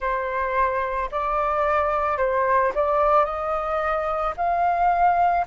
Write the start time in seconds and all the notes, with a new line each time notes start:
0.00 C5
1.11 D5
2.17 C5
2.75 D5
3.24 D#5
4.36 F5